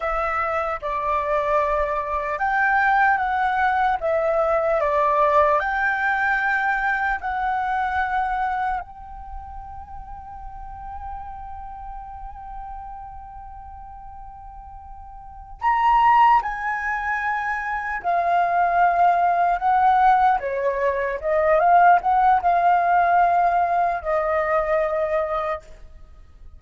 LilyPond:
\new Staff \with { instrumentName = "flute" } { \time 4/4 \tempo 4 = 75 e''4 d''2 g''4 | fis''4 e''4 d''4 g''4~ | g''4 fis''2 g''4~ | g''1~ |
g''2.~ g''8 ais''8~ | ais''8 gis''2 f''4.~ | f''8 fis''4 cis''4 dis''8 f''8 fis''8 | f''2 dis''2 | }